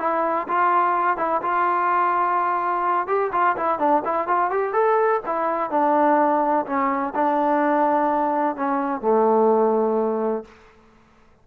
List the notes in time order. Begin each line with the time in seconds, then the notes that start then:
0.00 E4
0.48 F4
1.18 E4
1.43 F4
3.08 G4
3.33 F4
3.57 E4
3.79 D4
4.05 E4
4.28 F4
4.51 G4
4.74 A4
5.27 E4
5.71 D4
6.67 C#4
7.15 D4
8.56 C#4
9.02 A3